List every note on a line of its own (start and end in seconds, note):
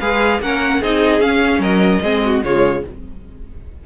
0.00 0.41 G#3
0.00 0.42 G#4
0.00 0.41 B4
0.00 0.41 F5
0.41 0.81 A#3
0.41 0.83 C#4
0.41 0.81 A#4
0.41 0.83 F#5
0.81 1.21 C4
0.81 1.21 D#4
0.81 1.61 G#4
0.81 1.22 D#5
1.21 1.59 C#4
1.21 2.02 C#4
1.21 1.62 F5
1.59 2.00 F#3
1.59 2.02 A#4
1.59 2.43 D#5
2.03 2.43 G#3
2.03 2.44 C4
2.03 2.24 G#4
2.26 2.45 F#4
2.43 2.84 C#3
2.43 2.86 G#3
2.43 2.85 F4
2.43 2.84 C#5